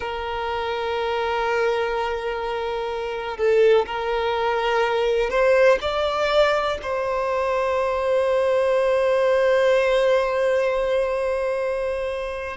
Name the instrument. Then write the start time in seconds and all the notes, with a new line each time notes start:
violin
0.00 A#4
3.37 A4
3.86 A#4
5.30 C5
5.81 D5
6.82 C5